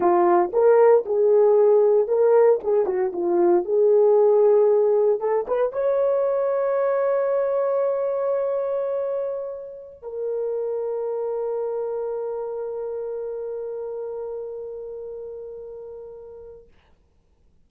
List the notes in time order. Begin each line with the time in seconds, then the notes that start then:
0.00 F4
0.52 A#4
1.05 G#4
2.07 A#4
2.63 G#4
2.86 F#4
3.13 F4
3.64 G#4
5.19 A4
5.47 B4
5.72 C#5
10.02 A#4